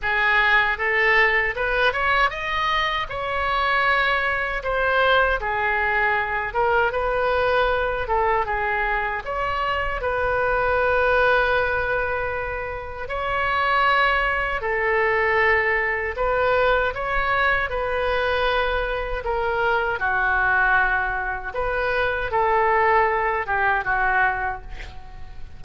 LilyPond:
\new Staff \with { instrumentName = "oboe" } { \time 4/4 \tempo 4 = 78 gis'4 a'4 b'8 cis''8 dis''4 | cis''2 c''4 gis'4~ | gis'8 ais'8 b'4. a'8 gis'4 | cis''4 b'2.~ |
b'4 cis''2 a'4~ | a'4 b'4 cis''4 b'4~ | b'4 ais'4 fis'2 | b'4 a'4. g'8 fis'4 | }